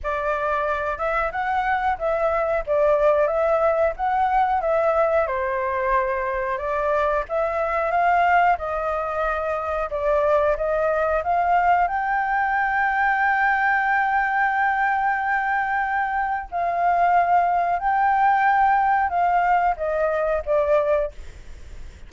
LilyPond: \new Staff \with { instrumentName = "flute" } { \time 4/4 \tempo 4 = 91 d''4. e''8 fis''4 e''4 | d''4 e''4 fis''4 e''4 | c''2 d''4 e''4 | f''4 dis''2 d''4 |
dis''4 f''4 g''2~ | g''1~ | g''4 f''2 g''4~ | g''4 f''4 dis''4 d''4 | }